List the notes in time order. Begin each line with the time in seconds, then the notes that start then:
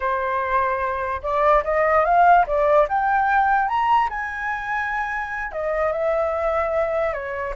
0.00 C5
1.22 D5
1.64 D#5
2.04 F5
2.46 D5
2.88 G5
3.68 A#5
4.09 G#5
5.52 D#5
5.92 E5
7.13 C#5